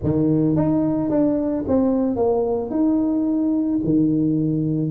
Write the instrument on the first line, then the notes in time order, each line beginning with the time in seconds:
tuba
0.03 D#3
0.56 D#4
1.09 D4
1.67 C4
2.15 A#3
2.70 D#4
3.84 D#3